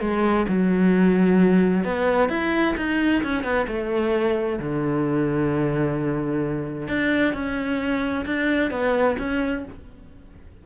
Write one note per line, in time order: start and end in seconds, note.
0.00 0.46 G#3
0.48 1.84 F#3
1.84 2.29 B3
2.29 2.75 E4
2.76 3.22 D#4
3.23 3.43 C#4
3.43 3.66 B3
3.67 4.59 A3
4.59 6.88 D3
6.88 7.33 D4
7.33 8.25 C#4
8.25 8.70 D4
8.70 9.16 B3
9.18 9.64 C#4